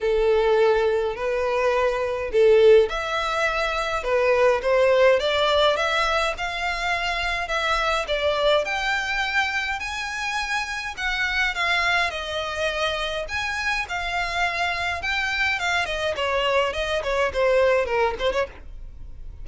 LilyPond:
\new Staff \with { instrumentName = "violin" } { \time 4/4 \tempo 4 = 104 a'2 b'2 | a'4 e''2 b'4 | c''4 d''4 e''4 f''4~ | f''4 e''4 d''4 g''4~ |
g''4 gis''2 fis''4 | f''4 dis''2 gis''4 | f''2 g''4 f''8 dis''8 | cis''4 dis''8 cis''8 c''4 ais'8 c''16 cis''16 | }